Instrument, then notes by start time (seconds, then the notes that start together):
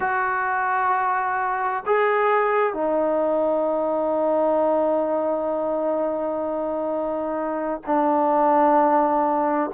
trombone
0.00 F#4
1.85 G#4
2.73 D#4
7.86 D4